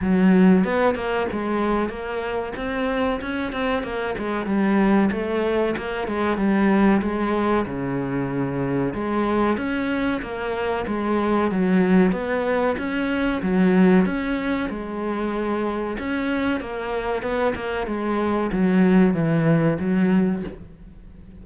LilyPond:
\new Staff \with { instrumentName = "cello" } { \time 4/4 \tempo 4 = 94 fis4 b8 ais8 gis4 ais4 | c'4 cis'8 c'8 ais8 gis8 g4 | a4 ais8 gis8 g4 gis4 | cis2 gis4 cis'4 |
ais4 gis4 fis4 b4 | cis'4 fis4 cis'4 gis4~ | gis4 cis'4 ais4 b8 ais8 | gis4 fis4 e4 fis4 | }